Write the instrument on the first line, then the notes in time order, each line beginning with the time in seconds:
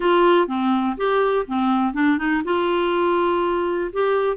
clarinet
0.00 F4
0.47 C4
0.97 G4
1.47 C4
1.93 D4
2.18 D#4
2.44 F4
3.93 G4